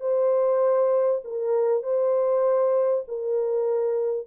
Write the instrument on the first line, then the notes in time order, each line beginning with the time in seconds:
horn
0.00 C5
1.24 A#4
1.83 C5
3.07 A#4